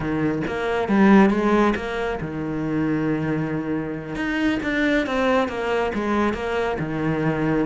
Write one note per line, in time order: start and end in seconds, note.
0.00 0.42 D#3
0.47 0.88 A#3
0.88 1.30 G3
1.30 1.74 G#3
1.75 2.19 A#3
2.20 4.15 D#3
4.15 4.59 D#4
4.62 5.06 D4
5.06 5.48 C4
5.48 5.92 A#3
5.94 6.33 G#3
6.33 6.77 A#3
6.79 7.66 D#3